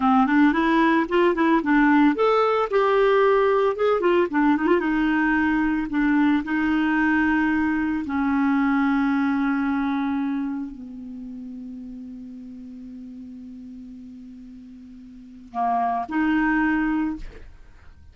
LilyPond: \new Staff \with { instrumentName = "clarinet" } { \time 4/4 \tempo 4 = 112 c'8 d'8 e'4 f'8 e'8 d'4 | a'4 g'2 gis'8 f'8 | d'8 dis'16 f'16 dis'2 d'4 | dis'2. cis'4~ |
cis'1 | b1~ | b1~ | b4 ais4 dis'2 | }